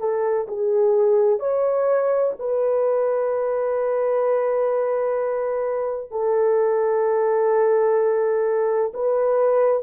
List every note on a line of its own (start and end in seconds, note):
0.00 0.47 A4
0.48 1.39 G#4
1.39 2.33 C#5
2.39 6.11 B4
6.11 8.92 A4
8.94 9.83 B4